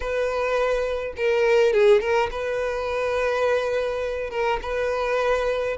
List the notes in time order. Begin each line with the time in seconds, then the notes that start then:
0.00 B4
1.16 A#4
1.73 G#4
2.00 A#4
2.31 B4
4.30 A#4
4.62 B4